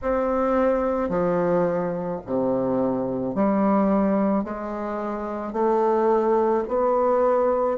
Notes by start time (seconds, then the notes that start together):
0.02 C4
1.09 F3
2.26 C3
3.34 G3
4.44 G#3
5.53 A3
6.68 B3